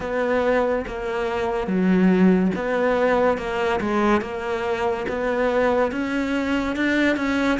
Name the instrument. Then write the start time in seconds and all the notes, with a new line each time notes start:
cello
0.00 B3
0.87 A#3
1.67 F#3
2.55 B3
3.37 A#3
3.80 G#3
4.21 A#3
5.08 B3
5.91 C#4
6.76 D4
7.16 C#4